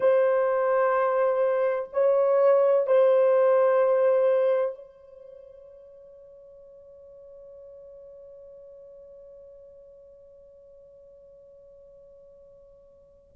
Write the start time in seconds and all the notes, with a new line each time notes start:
0.00 C5
1.92 C#5
2.87 C5
4.74 C#5